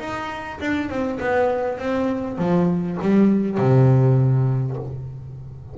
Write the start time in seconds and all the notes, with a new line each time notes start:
0.00 D#4
0.61 D4
0.90 C4
1.20 B3
1.79 C4
2.39 F3
3.02 G3
3.58 C3